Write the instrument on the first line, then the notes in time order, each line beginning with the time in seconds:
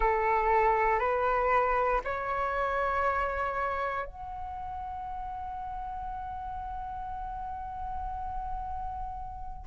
flute
0.00 A4
0.99 B4
2.04 C#5
4.06 F#5